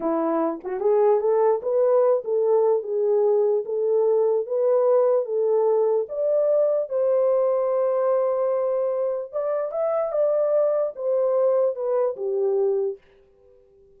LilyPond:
\new Staff \with { instrumentName = "horn" } { \time 4/4 \tempo 4 = 148 e'4. fis'8 gis'4 a'4 | b'4. a'4. gis'4~ | gis'4 a'2 b'4~ | b'4 a'2 d''4~ |
d''4 c''2.~ | c''2. d''4 | e''4 d''2 c''4~ | c''4 b'4 g'2 | }